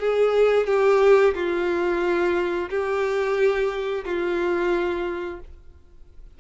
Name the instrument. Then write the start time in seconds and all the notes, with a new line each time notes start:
violin
0.00 G#4
0.67 G4
1.35 F4
2.70 G4
4.05 F4